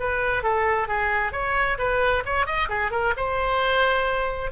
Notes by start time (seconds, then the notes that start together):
0.00 B4
0.44 A4
0.88 G#4
1.33 C#5
1.79 B4
2.26 C#5
2.46 D#5
2.69 G#4
2.92 A#4
3.17 C5